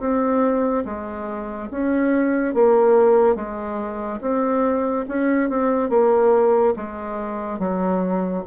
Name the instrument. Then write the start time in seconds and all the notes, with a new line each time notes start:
bassoon
0.00 C4
0.86 G#3
1.71 C#4
2.55 A#3
3.36 G#3
4.21 C4
5.09 C#4
5.50 C4
5.90 A#3
6.77 G#3
7.59 F#3